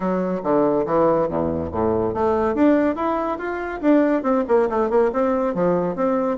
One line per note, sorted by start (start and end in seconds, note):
0.00 0.41 F#3
0.43 0.85 D3
0.85 1.28 E3
1.28 1.70 E2
1.71 2.14 A2
2.14 2.54 A3
2.54 2.95 D4
2.95 3.38 E4
3.38 3.81 F4
3.81 4.22 D4
4.22 4.44 C4
4.47 4.69 A#3
4.69 4.89 A3
4.89 5.11 A#3
5.12 5.54 C4
5.54 5.95 F3
5.95 6.37 C4